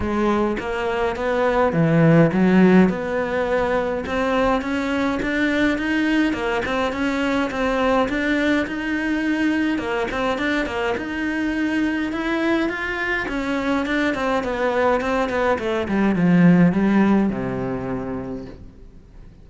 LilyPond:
\new Staff \with { instrumentName = "cello" } { \time 4/4 \tempo 4 = 104 gis4 ais4 b4 e4 | fis4 b2 c'4 | cis'4 d'4 dis'4 ais8 c'8 | cis'4 c'4 d'4 dis'4~ |
dis'4 ais8 c'8 d'8 ais8 dis'4~ | dis'4 e'4 f'4 cis'4 | d'8 c'8 b4 c'8 b8 a8 g8 | f4 g4 c2 | }